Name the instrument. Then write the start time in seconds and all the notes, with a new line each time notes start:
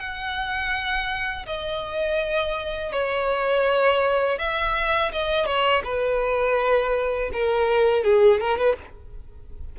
violin
0.00 F#5
1.47 D#5
2.93 C#5
4.39 E5
5.13 D#5
5.46 C#5
5.85 B4
7.34 A#4
8.04 G#4
8.41 A#4
8.58 B4